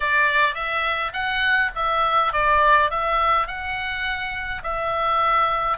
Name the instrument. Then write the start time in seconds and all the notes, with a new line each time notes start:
oboe
0.00 D5
0.54 E5
1.13 F#5
1.75 E5
2.32 D5
2.90 E5
3.47 F#5
4.63 E5